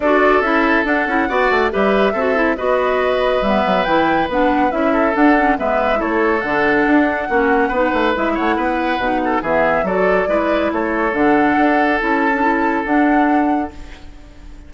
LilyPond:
<<
  \new Staff \with { instrumentName = "flute" } { \time 4/4 \tempo 4 = 140 d''4 e''4 fis''2 | e''2 dis''2 | e''4 g''4 fis''4 e''4 | fis''4 e''4 cis''4 fis''4~ |
fis''2. e''8 fis''8~ | fis''2 e''4 d''4~ | d''4 cis''4 fis''2 | a''2 fis''2 | }
  \new Staff \with { instrumentName = "oboe" } { \time 4/4 a'2. d''4 | b'4 a'4 b'2~ | b'2.~ b'8 a'8~ | a'4 b'4 a'2~ |
a'4 fis'4 b'4. cis''8 | b'4. a'8 gis'4 a'4 | b'4 a'2.~ | a'1 | }
  \new Staff \with { instrumentName = "clarinet" } { \time 4/4 fis'4 e'4 d'8 e'8 fis'4 | g'4 fis'8 e'8 fis'2 | b4 e'4 d'4 e'4 | d'8 cis'8 b4 e'4 d'4~ |
d'4 cis'4 dis'4 e'4~ | e'4 dis'4 b4 fis'4 | e'2 d'2 | e'8. d'16 e'4 d'2 | }
  \new Staff \with { instrumentName = "bassoon" } { \time 4/4 d'4 cis'4 d'8 cis'8 b8 a8 | g4 c'4 b2 | g8 fis8 e4 b4 cis'4 | d'4 gis4 a4 d4 |
d'4 ais4 b8 a8 gis8 a8 | b4 b,4 e4 fis4 | gis4 a4 d4 d'4 | cis'2 d'2 | }
>>